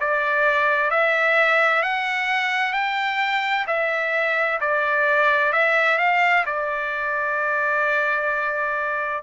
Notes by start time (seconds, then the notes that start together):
0.00 D5
0.91 E5
1.83 F#5
2.73 G5
3.67 E5
4.60 D5
5.53 E5
5.98 F5
6.46 D5